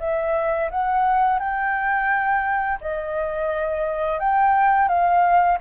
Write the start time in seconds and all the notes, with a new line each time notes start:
0.00 E5
0.71 F#5
1.39 G5
2.81 D#5
4.20 G5
4.89 F5